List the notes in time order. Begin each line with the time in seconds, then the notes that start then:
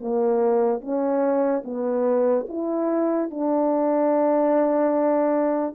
0.00 A#3
0.80 C#4
1.64 B3
2.48 E4
3.30 D4